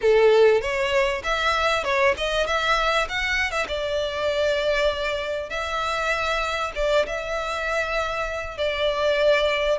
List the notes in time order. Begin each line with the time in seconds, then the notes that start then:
0.01 A4
0.61 C#5
1.23 E5
1.84 C#5
2.17 D#5
2.46 E5
3.08 F#5
3.51 E5
3.68 D5
5.49 E5
6.75 D5
7.06 E5
8.57 D5